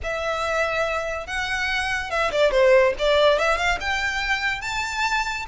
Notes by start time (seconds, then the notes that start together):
0.03 E5
1.26 F#5
2.10 E5
2.31 D5
2.51 C5
2.98 D5
3.38 E5
3.57 F5
3.80 G5
4.61 A5